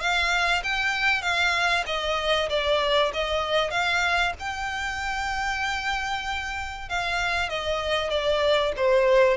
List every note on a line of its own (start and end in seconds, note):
0.00 0.62 F5
0.63 1.22 G5
1.22 1.84 F5
1.86 2.49 D#5
2.49 3.12 D5
3.13 3.70 D#5
3.70 4.33 F5
4.39 6.89 G5
6.89 7.49 F5
7.49 8.10 D#5
8.10 8.73 D5
8.76 9.37 C5